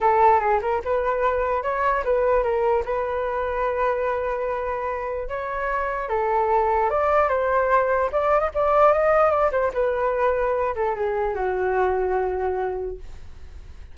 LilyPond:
\new Staff \with { instrumentName = "flute" } { \time 4/4 \tempo 4 = 148 a'4 gis'8 ais'8 b'2 | cis''4 b'4 ais'4 b'4~ | b'1~ | b'4 cis''2 a'4~ |
a'4 d''4 c''2 | d''8. dis''16 d''4 dis''4 d''8 c''8 | b'2~ b'8 a'8 gis'4 | fis'1 | }